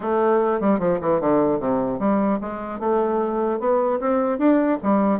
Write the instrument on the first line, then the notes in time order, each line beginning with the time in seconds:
bassoon
0.00 A3
0.60 G3
0.79 F3
1.01 E3
1.20 D3
1.59 C3
1.99 G3
2.41 G#3
2.79 A3
3.59 B3
4.00 C4
4.38 D4
4.82 G3